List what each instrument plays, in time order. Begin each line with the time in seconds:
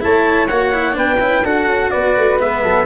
0.00 tuba A3, cello E4, flute C#5, trumpet A5
0.48 tuba A#3, cello F#4, trumpet F#5
0.73 cello E4
0.92 tuba B3, cello D4, flute B4, trumpet G5
1.20 tuba C#4, cello E4
1.43 tuba D4, cello F#4, flute A4, trumpet F#5
1.66 tuba C#4
1.90 tuba B3, flute B4, trumpet D5
2.16 tuba A3
2.39 tuba G#3, cello B3, trumpet E5
2.62 tuba F#3, flute A4